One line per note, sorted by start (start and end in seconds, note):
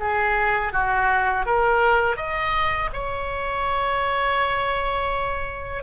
0.00 0.73 G#4
0.73 1.46 F#4
1.46 2.17 A#4
2.17 2.90 D#5
2.93 5.83 C#5